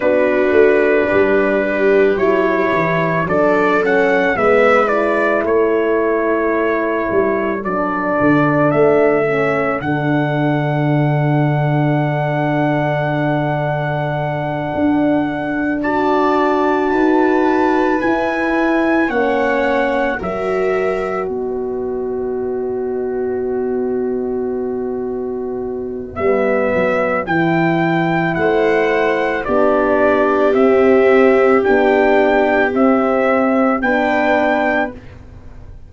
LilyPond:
<<
  \new Staff \with { instrumentName = "trumpet" } { \time 4/4 \tempo 4 = 55 b'2 cis''4 d''8 fis''8 | e''8 d''8 cis''2 d''4 | e''4 fis''2.~ | fis''2~ fis''8 a''4.~ |
a''8 gis''4 fis''4 e''4 dis''8~ | dis''1 | e''4 g''4 fis''4 d''4 | e''4 g''4 e''4 g''4 | }
  \new Staff \with { instrumentName = "viola" } { \time 4/4 fis'4 g'2 a'4 | b'4 a'2.~ | a'1~ | a'2~ a'8 d''4 b'8~ |
b'4. cis''4 ais'4 b'8~ | b'1~ | b'2 c''4 g'4~ | g'2. b'4 | }
  \new Staff \with { instrumentName = "horn" } { \time 4/4 d'2 e'4 d'8 cis'8 | b8 e'2~ e'8 d'4~ | d'8 cis'8 d'2.~ | d'2~ d'8 fis'4.~ |
fis'8 e'4 cis'4 fis'4.~ | fis'1 | b4 e'2 d'4 | c'4 d'4 c'4 d'4 | }
  \new Staff \with { instrumentName = "tuba" } { \time 4/4 b8 a8 g4 fis8 e8 fis4 | gis4 a4. g8 fis8 d8 | a4 d2.~ | d4. d'2 dis'8~ |
dis'8 e'4 ais4 fis4 b8~ | b1 | g8 fis8 e4 a4 b4 | c'4 b4 c'4 b4 | }
>>